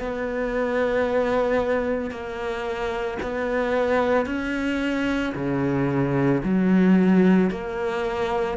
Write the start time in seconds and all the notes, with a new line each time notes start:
0.00 B3
2.11 A#3
3.22 B3
4.27 C#4
5.35 C#3
6.44 F#3
7.50 A#3